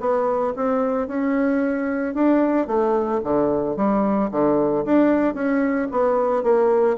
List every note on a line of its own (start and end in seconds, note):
0.00 0.54 B3
0.56 1.08 C4
1.08 2.14 C#4
2.14 2.67 D4
2.67 3.21 A3
3.24 3.76 D3
3.76 4.30 G3
4.31 4.85 D3
4.85 5.34 D4
5.34 5.88 C#4
5.91 6.43 B3
6.43 6.97 A#3